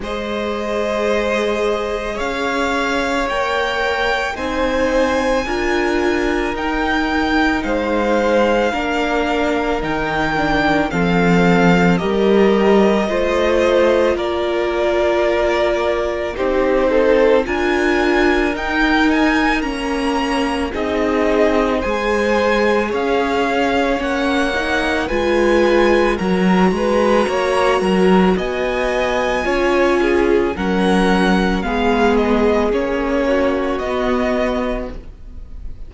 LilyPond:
<<
  \new Staff \with { instrumentName = "violin" } { \time 4/4 \tempo 4 = 55 dis''2 f''4 g''4 | gis''2 g''4 f''4~ | f''4 g''4 f''4 dis''4~ | dis''4 d''2 c''4 |
gis''4 g''8 gis''8 ais''4 dis''4 | gis''4 f''4 fis''4 gis''4 | ais''2 gis''2 | fis''4 f''8 dis''8 cis''4 dis''4 | }
  \new Staff \with { instrumentName = "violin" } { \time 4/4 c''2 cis''2 | c''4 ais'2 c''4 | ais'2 a'4 ais'4 | c''4 ais'2 g'8 a'8 |
ais'2. gis'4 | c''4 cis''2 b'4 | ais'8 b'8 cis''8 ais'8 dis''4 cis''8 gis'8 | ais'4 gis'4. fis'4. | }
  \new Staff \with { instrumentName = "viola" } { \time 4/4 gis'2. ais'4 | dis'4 f'4 dis'2 | d'4 dis'8 d'8 c'4 g'4 | f'2. dis'4 |
f'4 dis'4 cis'4 dis'4 | gis'2 cis'8 dis'8 f'4 | fis'2. f'4 | cis'4 b4 cis'4 b4 | }
  \new Staff \with { instrumentName = "cello" } { \time 4/4 gis2 cis'4 ais4 | c'4 d'4 dis'4 gis4 | ais4 dis4 f4 g4 | a4 ais2 c'4 |
d'4 dis'4 ais4 c'4 | gis4 cis'4 ais4 gis4 | fis8 gis8 ais8 fis8 b4 cis'4 | fis4 gis4 ais4 b4 | }
>>